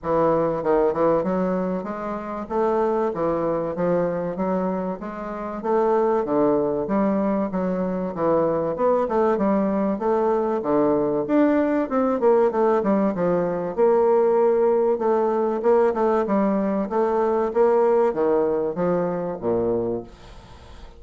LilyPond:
\new Staff \with { instrumentName = "bassoon" } { \time 4/4 \tempo 4 = 96 e4 dis8 e8 fis4 gis4 | a4 e4 f4 fis4 | gis4 a4 d4 g4 | fis4 e4 b8 a8 g4 |
a4 d4 d'4 c'8 ais8 | a8 g8 f4 ais2 | a4 ais8 a8 g4 a4 | ais4 dis4 f4 ais,4 | }